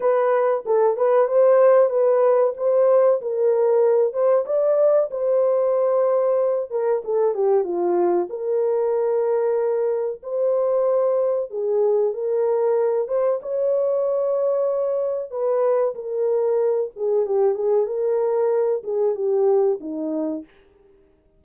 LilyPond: \new Staff \with { instrumentName = "horn" } { \time 4/4 \tempo 4 = 94 b'4 a'8 b'8 c''4 b'4 | c''4 ais'4. c''8 d''4 | c''2~ c''8 ais'8 a'8 g'8 | f'4 ais'2. |
c''2 gis'4 ais'4~ | ais'8 c''8 cis''2. | b'4 ais'4. gis'8 g'8 gis'8 | ais'4. gis'8 g'4 dis'4 | }